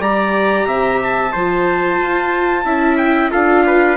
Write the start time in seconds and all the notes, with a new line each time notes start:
0.00 G3 G4 D5 A#5
0.66 C3 E5
1.02 A5
1.32 F3 F4 C5
2.00 F4
2.65 C#4 E4 E5
2.97 G5
3.31 D4 F4 A4 F5
3.66 B4